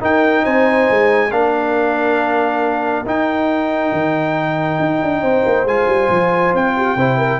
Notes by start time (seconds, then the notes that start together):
0.00 D#4 A#4 G5
0.43 C4 C5 G#5
0.89 G#3
1.30 A#3 D4 A#4 F5
3.05 D#4 G5
3.92 D#3
4.79 D#4
5.02 D4
5.21 C4 C5
5.45 A#3
5.64 G#3 F4 G#5
5.87 G3
6.09 F3
6.53 C4 G5
6.76 G4
6.96 C3 E4 C5
7.18 A#4